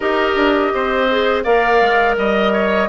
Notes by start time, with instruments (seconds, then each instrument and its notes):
0.00 bassoon D#4, clarinet G4, oboe A#4, flute D#5
0.35 bassoon D4
0.74 bassoon C4, oboe C5
1.10 clarinet G#4
1.43 bassoon A#3, clarinet A#4, oboe D5, flute F5
1.80 bassoon G#3
2.17 bassoon G3, flute D#5, oboe D#5
2.52 oboe C#5